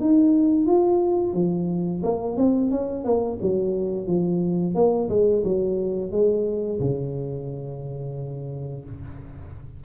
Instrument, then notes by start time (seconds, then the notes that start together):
tuba
0.00 D#4
0.66 F4
1.34 F3
2.03 A#3
2.37 C4
2.71 C#4
3.05 A#3
3.42 F#3
4.07 F3
4.75 A#3
5.10 G#3
5.45 F#3
6.12 G#3
6.80 C#3